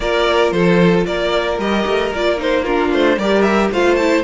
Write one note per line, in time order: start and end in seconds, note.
0.00 0.52 A#3
0.00 1.60 F4
0.00 0.53 A#4
0.00 0.51 D5
0.51 1.05 F3
0.51 1.06 A4
0.51 1.04 C5
1.05 1.58 A#3
1.05 2.63 A#4
1.05 1.59 D5
1.58 1.84 G3
1.58 2.13 G4
1.58 2.13 D#5
1.86 2.12 A3
2.13 2.92 A#3
2.13 2.37 F4
2.13 2.40 D5
2.37 2.64 D#4
2.37 2.64 C5
2.63 3.19 D4
2.63 3.16 F4
2.63 2.90 A#4
2.92 3.16 A3
2.92 3.19 C5
3.16 3.70 G3
3.16 3.72 G4
3.16 3.70 A#4
3.16 3.41 D5
3.41 3.68 E5
3.71 4.23 A3
3.71 3.99 F4
3.71 4.23 C5
3.71 3.95 F5
3.95 4.23 E4
3.95 4.22 A5